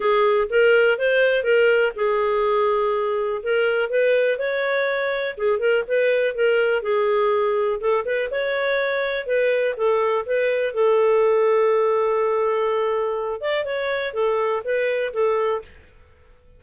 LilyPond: \new Staff \with { instrumentName = "clarinet" } { \time 4/4 \tempo 4 = 123 gis'4 ais'4 c''4 ais'4 | gis'2. ais'4 | b'4 cis''2 gis'8 ais'8 | b'4 ais'4 gis'2 |
a'8 b'8 cis''2 b'4 | a'4 b'4 a'2~ | a'2.~ a'8 d''8 | cis''4 a'4 b'4 a'4 | }